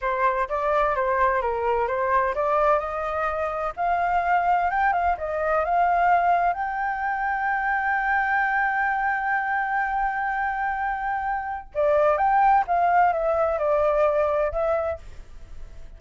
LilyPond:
\new Staff \with { instrumentName = "flute" } { \time 4/4 \tempo 4 = 128 c''4 d''4 c''4 ais'4 | c''4 d''4 dis''2 | f''2 g''8 f''8 dis''4 | f''2 g''2~ |
g''1~ | g''1~ | g''4 d''4 g''4 f''4 | e''4 d''2 e''4 | }